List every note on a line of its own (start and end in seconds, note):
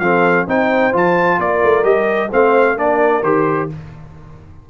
0.00 0.46 F3
0.00 0.48 C4
0.00 0.48 A4
0.00 0.46 F5
0.48 0.93 C4
0.48 0.93 D#4
0.48 1.38 C5
0.48 0.95 G5
0.93 1.39 F3
0.93 1.84 F4
0.93 1.41 A5
1.38 1.62 A#3
1.38 2.30 A#4
1.38 1.85 D5
1.64 1.84 A3
1.84 2.30 G3
1.84 2.29 G4
1.84 2.30 D#5
2.30 2.77 A3
2.30 2.77 C4
2.30 2.75 C5
2.30 2.79 F5
2.77 3.23 A#3
2.77 3.23 D4
2.77 3.70 A#4
2.77 3.24 D5
3.23 3.69 D#3
3.23 3.70 G4
3.23 3.70 C5